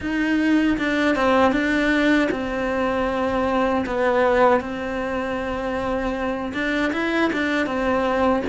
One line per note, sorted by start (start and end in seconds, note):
0.00 0.77 D#4
0.77 1.15 D4
1.15 1.51 C4
1.51 2.28 D4
2.31 3.85 C4
3.85 4.60 B3
4.60 6.52 C4
6.53 6.92 D4
6.92 7.31 E4
7.33 7.66 D4
7.66 8.43 C4